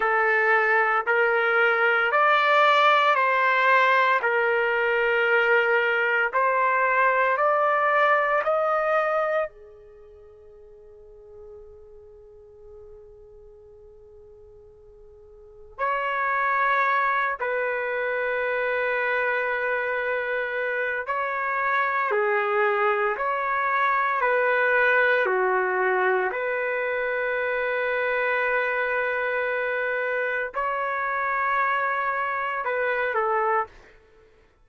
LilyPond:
\new Staff \with { instrumentName = "trumpet" } { \time 4/4 \tempo 4 = 57 a'4 ais'4 d''4 c''4 | ais'2 c''4 d''4 | dis''4 gis'2.~ | gis'2. cis''4~ |
cis''8 b'2.~ b'8 | cis''4 gis'4 cis''4 b'4 | fis'4 b'2.~ | b'4 cis''2 b'8 a'8 | }